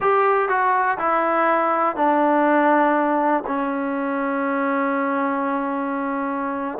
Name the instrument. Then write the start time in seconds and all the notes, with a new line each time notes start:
trombone
0.00 G4
0.48 F#4
0.98 E4
1.96 D4
3.46 C#4